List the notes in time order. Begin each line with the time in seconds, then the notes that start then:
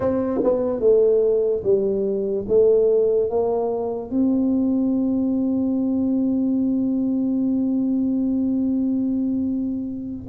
0.00 C4
0.43 B3
0.80 A3
1.63 G3
2.48 A3
3.30 A#3
4.10 C4